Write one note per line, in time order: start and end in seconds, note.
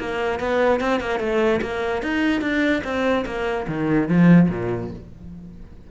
0.00 0.40 A#3
0.40 0.81 B3
0.81 1.01 C4
1.01 1.20 A#3
1.20 1.61 A3
1.62 2.03 A#3
2.03 2.42 D#4
2.42 2.83 D4
2.85 3.25 C4
3.26 3.67 A#3
3.68 4.09 D#3
4.09 4.50 F3
4.50 4.91 A#2